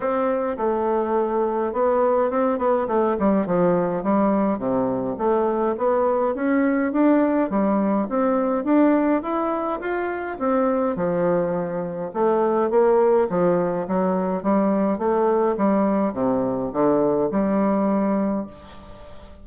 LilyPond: \new Staff \with { instrumentName = "bassoon" } { \time 4/4 \tempo 4 = 104 c'4 a2 b4 | c'8 b8 a8 g8 f4 g4 | c4 a4 b4 cis'4 | d'4 g4 c'4 d'4 |
e'4 f'4 c'4 f4~ | f4 a4 ais4 f4 | fis4 g4 a4 g4 | c4 d4 g2 | }